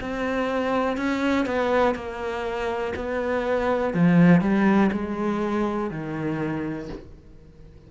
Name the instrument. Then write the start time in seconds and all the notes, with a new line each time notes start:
cello
0.00 C4
0.97 C#4
1.45 B3
1.94 A#3
2.96 B3
3.93 F3
4.41 G3
4.92 G#3
5.90 D#3